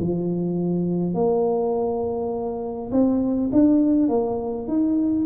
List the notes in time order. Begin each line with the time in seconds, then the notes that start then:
0.00 F3
1.14 A#3
2.91 C4
3.52 D4
4.09 A#3
4.68 D#4